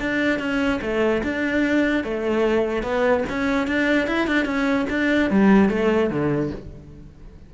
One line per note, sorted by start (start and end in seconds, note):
0.00 0.40 D4
0.40 0.80 C#4
0.82 1.23 A3
1.23 2.04 D4
2.04 2.83 A3
2.83 3.24 B3
3.29 3.67 C#4
3.67 4.07 D4
4.07 4.27 E4
4.27 4.46 D4
4.46 4.86 C#4
4.90 5.31 D4
5.31 5.70 G3
5.70 6.10 A3
6.10 6.51 D3